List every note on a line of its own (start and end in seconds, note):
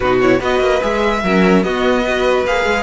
0.00 0.40 B2
0.00 0.23 D#4
0.00 0.40 F#4
0.00 0.19 B4
0.21 0.39 E4
0.21 0.41 C#5
0.39 0.60 B3
0.39 0.80 F#4
0.39 1.21 B4
0.39 0.83 D#5
0.60 0.80 A#3
0.81 1.23 G#3
0.81 1.22 G#4
0.81 1.63 E5
1.23 1.63 F#3
1.23 1.64 C#4
1.23 1.64 A#4
1.63 2.45 B3
1.63 2.05 B3
1.63 2.02 F#4
1.63 2.45 D#5
2.02 2.46 F#4
2.02 2.83 B4
2.45 2.65 A#3
2.45 2.83 G#4
2.45 2.83 F5
2.65 2.83 G#3